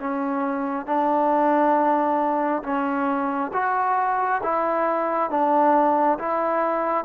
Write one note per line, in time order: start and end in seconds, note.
0.00 0.86 C#4
0.86 2.63 D4
2.63 3.51 C#4
3.53 4.42 F#4
4.43 5.30 E4
5.30 6.18 D4
6.19 7.05 E4